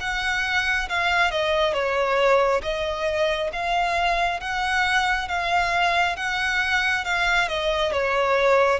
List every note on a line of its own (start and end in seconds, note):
0.00 0.88 F#5
0.89 1.31 F5
1.31 1.73 D#5
1.73 2.61 C#5
2.62 3.51 D#5
3.52 4.40 F5
4.40 5.28 F#5
5.28 6.16 F5
6.16 7.04 F#5
7.04 7.48 F5
7.48 7.92 D#5
7.92 8.80 C#5